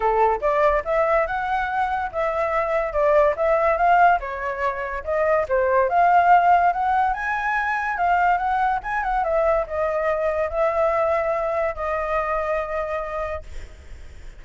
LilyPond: \new Staff \with { instrumentName = "flute" } { \time 4/4 \tempo 4 = 143 a'4 d''4 e''4 fis''4~ | fis''4 e''2 d''4 | e''4 f''4 cis''2 | dis''4 c''4 f''2 |
fis''4 gis''2 f''4 | fis''4 gis''8 fis''8 e''4 dis''4~ | dis''4 e''2. | dis''1 | }